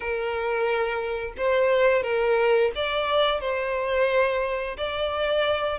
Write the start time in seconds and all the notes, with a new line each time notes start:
0.00 A#4
1.37 C5
2.03 A#4
2.75 D5
3.40 C5
4.77 D5